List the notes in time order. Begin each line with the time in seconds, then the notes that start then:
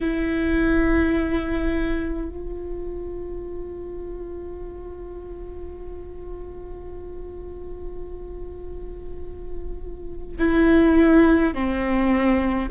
0.01 E4
2.29 F4
10.38 E4
11.54 C4